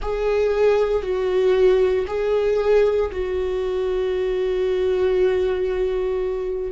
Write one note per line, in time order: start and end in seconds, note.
0.02 1.02 G#4
1.02 2.05 F#4
2.07 3.10 G#4
3.11 6.71 F#4